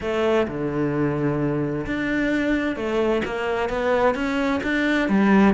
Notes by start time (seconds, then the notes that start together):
0.01 A3
0.47 D3
1.86 D4
2.76 A3
3.25 A#3
3.69 B3
4.14 C#4
4.63 D4
5.08 G3